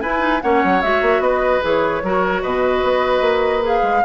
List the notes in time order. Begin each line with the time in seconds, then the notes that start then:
0.00 E4 B4 G#5
0.19 D#4
0.41 A#3 C#4 C#5 F#5
0.64 F#3
0.82 G#3 F#4 E5
1.01 A#3
1.19 B3 B4 D#5
1.61 E3 G#4
1.67 C#5
2.02 F#3 F#4 A#4
2.42 B2 B4 D#5
2.83 B3
3.21 A#3
3.62 G#4 F5
3.83 G#3